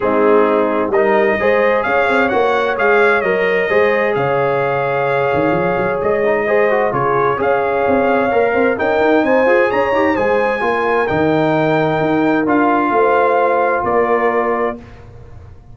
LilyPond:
<<
  \new Staff \with { instrumentName = "trumpet" } { \time 4/4 \tempo 4 = 130 gis'2 dis''2 | f''4 fis''4 f''4 dis''4~ | dis''4 f''2.~ | f''4 dis''2 cis''4 |
f''2. g''4 | gis''4 ais''4 gis''2 | g''2. f''4~ | f''2 d''2 | }
  \new Staff \with { instrumentName = "horn" } { \time 4/4 dis'2 ais'4 c''4 | cis''1 | c''4 cis''2.~ | cis''2 c''4 gis'4 |
cis''2~ cis''8 c''8 ais'4 | c''4 cis''4 c''4 ais'4~ | ais'1 | c''2 ais'2 | }
  \new Staff \with { instrumentName = "trombone" } { \time 4/4 c'2 dis'4 gis'4~ | gis'4 fis'4 gis'4 ais'4 | gis'1~ | gis'4. dis'8 gis'8 fis'8 f'4 |
gis'2 ais'4 dis'4~ | dis'8 gis'4 g'8 gis'4 f'4 | dis'2. f'4~ | f'1 | }
  \new Staff \with { instrumentName = "tuba" } { \time 4/4 gis2 g4 gis4 | cis'8 c'8 ais4 gis4 fis4 | gis4 cis2~ cis8 dis8 | f8 fis8 gis2 cis4 |
cis'4 c'4 ais8 c'8 cis'8 dis'8 | c'8 f'8 cis'8 dis'8 gis4 ais4 | dis2 dis'4 d'4 | a2 ais2 | }
>>